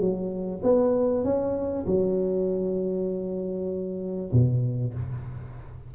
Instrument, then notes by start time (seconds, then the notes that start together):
tuba
0.00 F#3
0.63 B3
1.24 C#4
1.86 F#3
4.32 B2